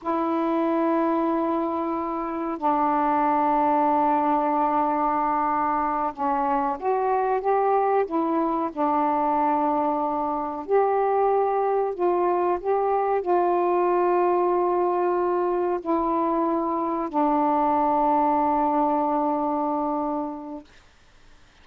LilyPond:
\new Staff \with { instrumentName = "saxophone" } { \time 4/4 \tempo 4 = 93 e'1 | d'1~ | d'4. cis'4 fis'4 g'8~ | g'8 e'4 d'2~ d'8~ |
d'8 g'2 f'4 g'8~ | g'8 f'2.~ f'8~ | f'8 e'2 d'4.~ | d'1 | }